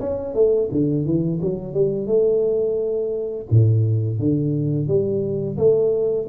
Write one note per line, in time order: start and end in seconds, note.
0.00 0.34 C#4
0.34 0.69 A3
0.72 1.05 D3
1.05 1.40 E3
1.42 1.74 F#3
1.74 2.07 G3
2.07 3.46 A3
3.51 4.19 A2
4.19 4.87 D3
4.87 5.57 G3
5.58 6.27 A3